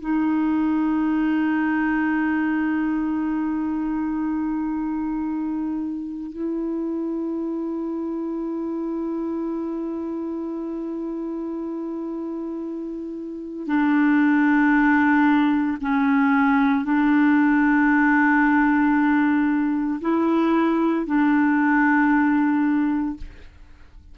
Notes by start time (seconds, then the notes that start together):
0.00 D#4
6.32 E4
13.67 D4
15.81 C#4
16.84 D4
20.01 E4
21.06 D4